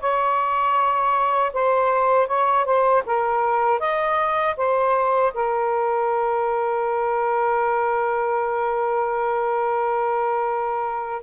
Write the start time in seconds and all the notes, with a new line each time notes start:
0.00 C#5
1.53 C5
2.27 C#5
2.65 C5
3.06 A#4
3.79 D#5
4.56 C5
5.34 A#4